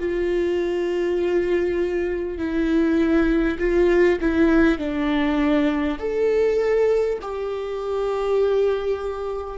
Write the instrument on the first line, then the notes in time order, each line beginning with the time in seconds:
viola
0.00 F4
2.38 E4
3.59 F4
4.21 E4
4.79 D4
5.99 A4
7.22 G4